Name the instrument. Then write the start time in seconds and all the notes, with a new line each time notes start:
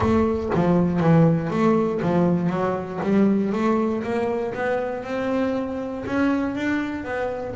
double bass
0.00 A3
0.54 F3
0.99 E3
1.50 A3
2.02 F3
2.49 F#3
3.03 G3
3.52 A3
4.03 A#3
4.54 B3
5.04 C4
6.05 C#4
6.55 D4
7.04 B3